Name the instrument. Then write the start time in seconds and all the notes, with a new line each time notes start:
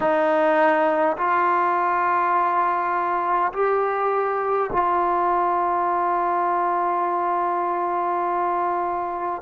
trombone
0.00 D#4
1.17 F4
3.52 G4
4.72 F4